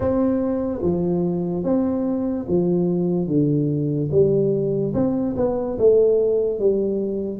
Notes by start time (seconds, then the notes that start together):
0.00 C4
0.82 F3
1.63 C4
2.47 F3
3.27 D3
4.11 G3
4.94 C4
5.36 B3
5.78 A3
6.59 G3